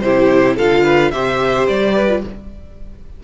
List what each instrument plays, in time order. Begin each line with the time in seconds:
0.00 cello C3, viola E4, violin G4 C5
0.56 cello D3, viola F4, violin A4 F5
0.83 violin B4
1.11 cello C3, viola G4, violin C5 E5
1.68 cello G3, violin D5
1.94 violin B4
2.08 viola F4